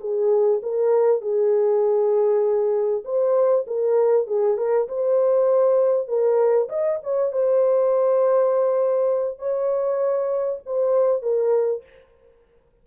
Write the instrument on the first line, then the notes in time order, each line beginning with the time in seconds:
horn
0.00 G#4
0.62 A#4
1.21 G#4
3.04 C5
3.67 A#4
4.27 G#4
4.57 A#4
4.88 C5
6.08 A#4
6.69 D#5
7.03 C#5
7.32 C5
9.38 C#5
10.66 C5
11.22 A#4